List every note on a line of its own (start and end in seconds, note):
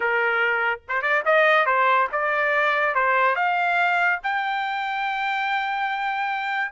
0.00 0.79 A#4
0.88 1.02 C5
1.02 1.23 D5
1.25 1.66 D#5
1.66 2.08 C5
2.12 2.94 D5
2.94 3.35 C5
3.35 4.19 F5
4.23 6.71 G5